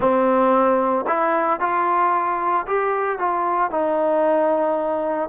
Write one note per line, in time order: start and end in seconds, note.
0.00 1.05 C4
1.07 1.60 E4
1.60 2.66 F4
2.66 3.18 G4
3.18 3.70 F4
3.70 5.29 D#4